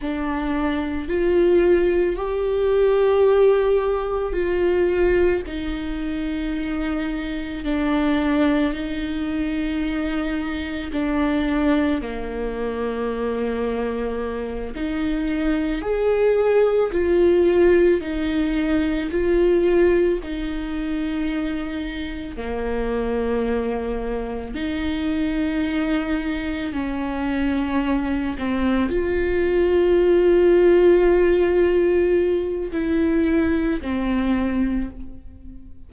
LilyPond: \new Staff \with { instrumentName = "viola" } { \time 4/4 \tempo 4 = 55 d'4 f'4 g'2 | f'4 dis'2 d'4 | dis'2 d'4 ais4~ | ais4. dis'4 gis'4 f'8~ |
f'8 dis'4 f'4 dis'4.~ | dis'8 ais2 dis'4.~ | dis'8 cis'4. c'8 f'4.~ | f'2 e'4 c'4 | }